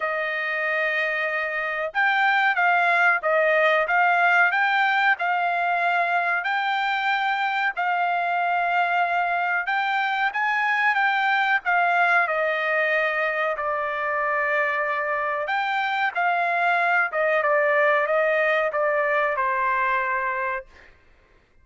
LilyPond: \new Staff \with { instrumentName = "trumpet" } { \time 4/4 \tempo 4 = 93 dis''2. g''4 | f''4 dis''4 f''4 g''4 | f''2 g''2 | f''2. g''4 |
gis''4 g''4 f''4 dis''4~ | dis''4 d''2. | g''4 f''4. dis''8 d''4 | dis''4 d''4 c''2 | }